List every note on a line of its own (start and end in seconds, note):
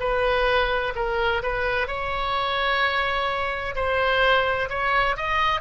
0.00 0.94 B4
0.95 1.42 A#4
1.43 1.87 B4
1.87 3.75 C#5
3.75 4.69 C5
4.69 5.16 C#5
5.16 5.61 D#5